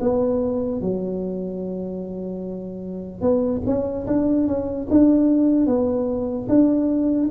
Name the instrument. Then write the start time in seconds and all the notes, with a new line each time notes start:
tuba
0.00 B3
0.81 F#3
3.21 B3
3.66 C#4
4.07 D4
4.47 C#4
4.90 D4
5.66 B3
6.48 D4